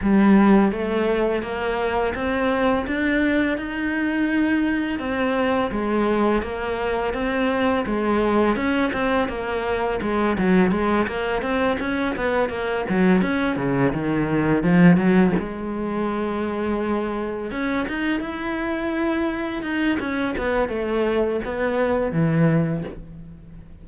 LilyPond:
\new Staff \with { instrumentName = "cello" } { \time 4/4 \tempo 4 = 84 g4 a4 ais4 c'4 | d'4 dis'2 c'4 | gis4 ais4 c'4 gis4 | cis'8 c'8 ais4 gis8 fis8 gis8 ais8 |
c'8 cis'8 b8 ais8 fis8 cis'8 cis8 dis8~ | dis8 f8 fis8 gis2~ gis8~ | gis8 cis'8 dis'8 e'2 dis'8 | cis'8 b8 a4 b4 e4 | }